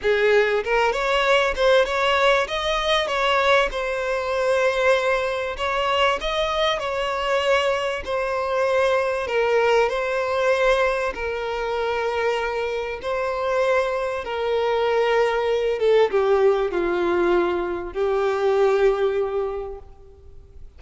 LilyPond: \new Staff \with { instrumentName = "violin" } { \time 4/4 \tempo 4 = 97 gis'4 ais'8 cis''4 c''8 cis''4 | dis''4 cis''4 c''2~ | c''4 cis''4 dis''4 cis''4~ | cis''4 c''2 ais'4 |
c''2 ais'2~ | ais'4 c''2 ais'4~ | ais'4. a'8 g'4 f'4~ | f'4 g'2. | }